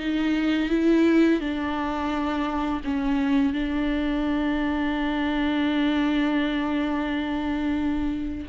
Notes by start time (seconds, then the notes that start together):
0.00 D#4
0.70 E4
1.41 D4
2.85 C#4
3.53 D4